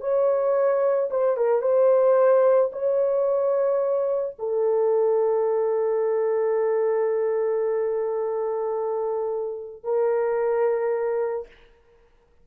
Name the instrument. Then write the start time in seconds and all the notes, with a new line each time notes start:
horn
0.00 C#5
1.10 C5
1.36 A#4
1.61 C5
2.72 C#5
4.38 A4
9.83 A#4